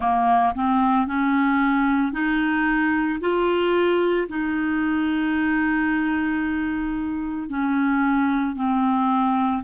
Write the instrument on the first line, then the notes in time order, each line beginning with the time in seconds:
clarinet
0.00 A#3
0.55 C4
1.07 C#4
2.12 D#4
3.20 F4
4.29 D#4
7.49 C#4
8.55 C4